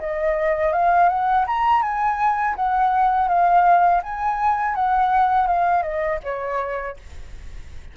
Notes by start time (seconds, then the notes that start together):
0.00 D#5
0.73 F5
1.09 F#5
1.47 A#5
1.82 G#5
2.56 F#5
3.29 F5
4.03 G#5
4.75 F#5
5.47 F5
5.83 D#5
6.24 C#5